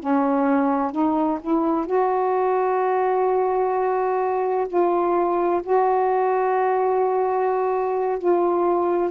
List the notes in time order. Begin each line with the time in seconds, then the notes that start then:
0.00 C#4
0.92 D#4
1.41 E4
1.87 F#4
4.68 F4
5.63 F#4
8.19 F4